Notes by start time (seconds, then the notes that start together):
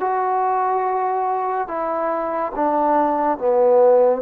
0.00 F#4
1.68 E4
2.55 D4
3.39 B3